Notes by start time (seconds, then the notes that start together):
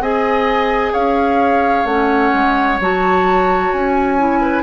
0.00 C4 G#4 D#5 G#5
0.93 C#4 C#5 F5
1.85 A3 C#4 F#5
2.34 G#3
2.80 F#3 F#4 A5
3.72 C#4 G#5
4.18 E4
4.41 B4